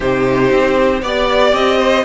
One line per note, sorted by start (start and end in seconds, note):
0.00 0.51 C3
0.00 1.03 D#4
0.00 1.01 G4
0.00 1.03 C5
0.51 1.02 C4
1.01 1.53 B3
1.01 2.04 G4
1.01 1.78 D5
1.01 1.54 D5
1.53 2.04 C4
1.53 2.04 D#5
1.78 2.03 C5